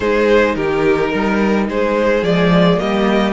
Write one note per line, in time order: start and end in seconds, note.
0.00 0.56 G#3
0.00 2.25 D#4
0.00 0.55 G#4
0.00 0.55 C5
0.55 1.12 D#3
0.55 1.09 G4
0.55 1.67 A#4
1.09 1.68 G3
1.09 1.65 A#4
1.68 2.22 G#3
1.68 2.80 G#4
1.68 2.24 C5
2.22 2.78 F3
2.22 2.78 G#3
2.22 2.78 D5
2.78 3.33 G3
2.78 3.33 A#3
2.78 3.33 G4
2.78 3.33 D#5